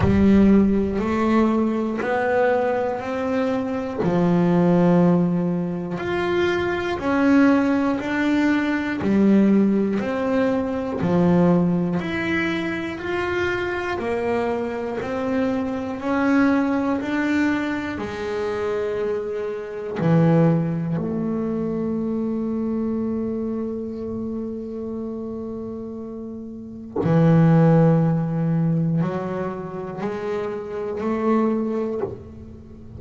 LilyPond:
\new Staff \with { instrumentName = "double bass" } { \time 4/4 \tempo 4 = 60 g4 a4 b4 c'4 | f2 f'4 cis'4 | d'4 g4 c'4 f4 | e'4 f'4 ais4 c'4 |
cis'4 d'4 gis2 | e4 a2.~ | a2. e4~ | e4 fis4 gis4 a4 | }